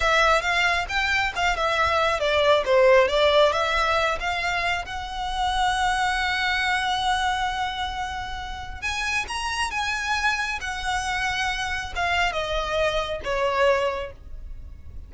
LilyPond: \new Staff \with { instrumentName = "violin" } { \time 4/4 \tempo 4 = 136 e''4 f''4 g''4 f''8 e''8~ | e''4 d''4 c''4 d''4 | e''4. f''4. fis''4~ | fis''1~ |
fis''1 | gis''4 ais''4 gis''2 | fis''2. f''4 | dis''2 cis''2 | }